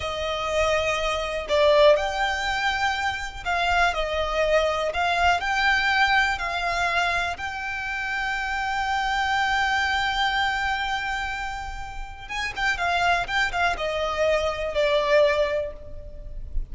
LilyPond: \new Staff \with { instrumentName = "violin" } { \time 4/4 \tempo 4 = 122 dis''2. d''4 | g''2. f''4 | dis''2 f''4 g''4~ | g''4 f''2 g''4~ |
g''1~ | g''1~ | g''4 gis''8 g''8 f''4 g''8 f''8 | dis''2 d''2 | }